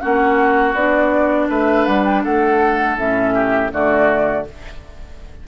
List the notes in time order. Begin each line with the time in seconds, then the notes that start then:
0.00 A#3 C#4 F#4 F#5
0.74 B3 D4 D5
1.49 A3 B4 E5
1.85 G3 F#5
2.04 G5
2.23 A3 A4 F#5
2.97 A2 C#4 E5
3.34 G4
3.70 D3 A3 F#4 D5